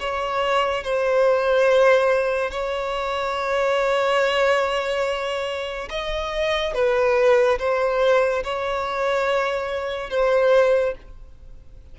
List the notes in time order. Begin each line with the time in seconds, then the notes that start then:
0.00 C#5
0.84 C5
2.51 C#5
5.90 D#5
6.75 B4
7.59 C5
8.44 C#5
10.11 C5